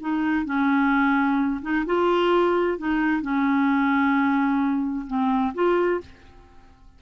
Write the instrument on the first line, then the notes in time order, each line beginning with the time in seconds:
clarinet
0.00 D#4
0.45 C#4
1.62 D#4
1.86 F4
2.78 D#4
3.22 C#4
5.07 C4
5.54 F4